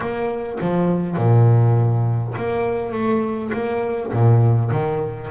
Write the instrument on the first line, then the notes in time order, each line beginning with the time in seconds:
double bass
0.00 A#3
0.60 F3
1.17 A#2
2.36 A#3
2.92 A3
3.53 A#3
4.12 A#2
4.71 D#3